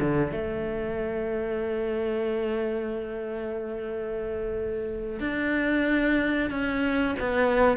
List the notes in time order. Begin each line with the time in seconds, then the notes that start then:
0.00 D3
0.31 A3
5.20 D4
6.50 C#4
7.19 B3